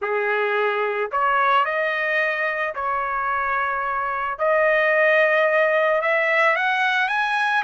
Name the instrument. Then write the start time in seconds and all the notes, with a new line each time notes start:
trumpet
0.01 G#4
1.11 C#5
1.65 D#5
2.74 C#5
4.38 D#5
6.01 E5
6.56 F#5
7.08 G#5